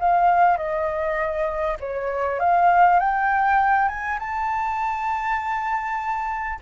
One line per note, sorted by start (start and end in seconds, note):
0.00 0.58 F5
0.58 1.78 D#5
1.80 2.40 C#5
2.40 3.00 F5
3.00 3.89 G5
3.89 4.19 G#5
4.19 6.59 A5